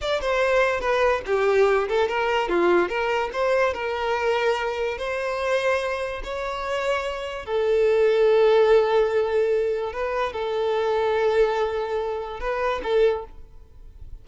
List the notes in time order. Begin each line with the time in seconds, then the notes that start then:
0.01 D5
0.21 C5
0.80 B4
1.25 G4
1.88 A4
2.08 A#4
2.48 F4
2.88 A#4
3.32 C5
3.73 A#4
4.98 C5
6.23 C#5
7.45 A4
9.92 B4
10.33 A4
12.39 B4
12.83 A4